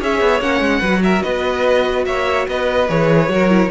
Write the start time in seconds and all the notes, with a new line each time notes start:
0.00 C#4 G#4 C#5 E5
0.21 B3
0.41 A#3 C#4 F#5
0.60 G#3
0.80 F#3 F#4 B4
1.04 A#4 E5
1.23 B3 B4 D#5
2.06 A#3 C#5 E5
2.48 B3 B4 D#5
2.89 E3 G#4 C#5
3.29 F#3 F#4 A#4
3.49 E4